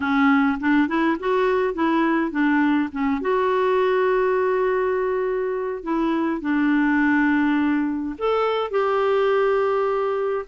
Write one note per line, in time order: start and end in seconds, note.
0.00 0.58 C#4
0.60 0.87 D4
0.87 1.17 E4
1.19 1.73 F#4
1.73 2.31 E4
2.31 2.89 D4
2.92 3.21 C#4
3.21 5.83 F#4
5.83 6.41 E4
6.41 8.16 D4
8.18 8.70 A4
8.70 10.45 G4